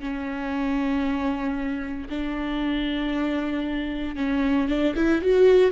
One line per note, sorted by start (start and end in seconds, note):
0.00 2.09 C#4
2.10 4.16 D4
4.16 4.68 C#4
4.68 4.94 D4
4.96 5.22 E4
5.22 5.72 F#4